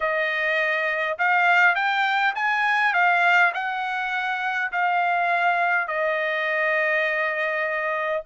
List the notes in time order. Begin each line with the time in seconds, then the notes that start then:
0.00 D#5
1.18 F5
1.75 G5
2.35 G#5
2.93 F5
3.53 F#5
4.72 F5
5.87 D#5